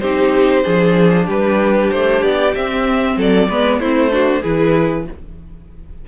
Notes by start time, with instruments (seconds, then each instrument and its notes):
0.00 cello C4, viola D#4, violin G4 C5
0.63 cello F3, viola D4, violin G#4
1.27 cello G3, violin G4 B4
1.91 cello A3, violin C5
2.23 cello B3, violin D5
2.55 viola C4, cello C4, violin E5
3.16 cello F#3, violin A4 D5
3.49 cello G#3, viola B3, violin B4
3.80 cello A3, viola C4, violin E4 C5
4.11 viola D4, violin F#4
4.42 cello E3, viola E4, violin G#4 B4